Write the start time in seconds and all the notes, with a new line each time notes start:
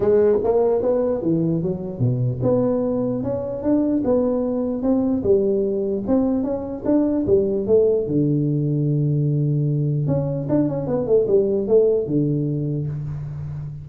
0.00 G#3
0.43 A#3
0.82 B3
1.22 E3
1.62 F#3
1.99 B2
2.42 B3
3.23 C#4
3.62 D4
4.04 B3
4.82 C4
5.23 G3
6.07 C4
6.43 C#4
6.85 D4
7.26 G3
7.66 A3
8.07 D3
10.07 C#4
10.49 D4
10.68 C#4
10.87 B3
11.06 A3
11.27 G3
11.67 A3
12.06 D3